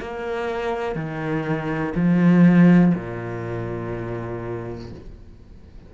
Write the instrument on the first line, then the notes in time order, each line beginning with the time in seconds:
cello
0.00 A#3
0.95 D#3
1.94 F3
2.94 A#2